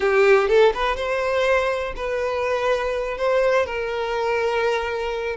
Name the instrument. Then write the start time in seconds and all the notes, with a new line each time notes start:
violin
0.00 G4
0.48 A4
0.74 B4
0.96 C5
1.96 B4
3.17 C5
3.66 A#4